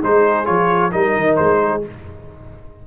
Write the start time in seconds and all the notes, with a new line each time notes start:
0.00 G#3 D#4 G#4 C5
0.45 F3 F4 C#5
0.91 G3 D#4 A#4 D#5
1.15 D#3
1.36 G#3 C5
1.63 G#4